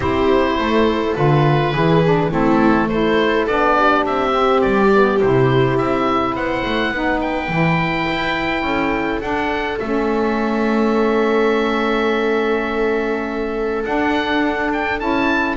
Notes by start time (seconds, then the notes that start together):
0.00 C4 E4 G4 C5
0.58 A3 A4
1.15 D3 F4 B4
1.72 E3 E4 G#4
2.04 D4
2.30 A3 C4 E4 A4
2.88 E4 A4 C5
3.47 B3 D4 D5
3.77 G4
4.05 C4 E5
4.29 C4
4.61 G3 D5
4.91 B3
5.21 C3 E4 C5
5.77 C4 E5
6.33 B3 C5 F#5
6.65 A3
6.90 B3 D#4 B4
7.20 G5
7.48 E3 E4
8.09 E4
8.62 C#4 A4
9.20 D4 F#5
9.79 A3 C#4 E5
13.83 D4 F#5
14.73 G5
14.99 C#4 E4 A5